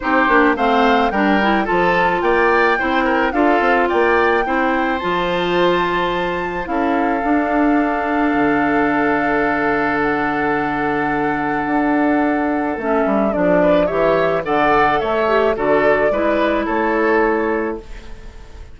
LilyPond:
<<
  \new Staff \with { instrumentName = "flute" } { \time 4/4 \tempo 4 = 108 c''4 f''4 g''4 a''4 | g''2 f''4 g''4~ | g''4 a''2. | f''1~ |
f''2 fis''2~ | fis''2. e''4 | d''4 e''4 fis''4 e''4 | d''2 cis''2 | }
  \new Staff \with { instrumentName = "oboe" } { \time 4/4 g'4 c''4 ais'4 a'4 | d''4 c''8 ais'8 a'4 d''4 | c''1 | a'1~ |
a'1~ | a'1~ | a'8 b'8 cis''4 d''4 cis''4 | a'4 b'4 a'2 | }
  \new Staff \with { instrumentName = "clarinet" } { \time 4/4 dis'8 d'8 c'4 d'8 e'8 f'4~ | f'4 e'4 f'2 | e'4 f'2. | e'4 d'2.~ |
d'1~ | d'2. cis'4 | d'4 g'4 a'4. g'8 | fis'4 e'2. | }
  \new Staff \with { instrumentName = "bassoon" } { \time 4/4 c'8 ais8 a4 g4 f4 | ais4 c'4 d'8 c'8 ais4 | c'4 f2. | cis'4 d'2 d4~ |
d1~ | d4 d'2 a8 g8 | f4 e4 d4 a4 | d4 gis4 a2 | }
>>